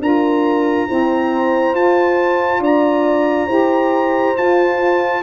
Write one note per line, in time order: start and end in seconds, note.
0.00 0.87 D4
0.00 0.87 F4
0.00 0.88 A#4
0.00 1.75 A#5
0.87 1.74 C4
0.87 1.74 E4
0.87 2.61 C5
1.74 2.59 F4
1.74 3.48 F4
1.74 2.62 A5
2.59 3.46 D4
2.59 3.47 D5
2.59 4.37 A#5
3.47 4.36 E4
3.47 4.35 G4
3.47 5.21 C5
4.36 5.22 F4
4.36 5.22 A5